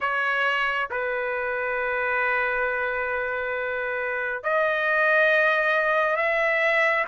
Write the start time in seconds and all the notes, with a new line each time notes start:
0.00 C#5
0.90 B4
4.43 D#5
6.16 E5